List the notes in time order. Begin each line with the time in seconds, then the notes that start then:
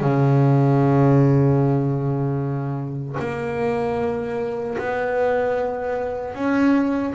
0.00 C#3
3.19 A#3
4.78 B3
6.34 C#4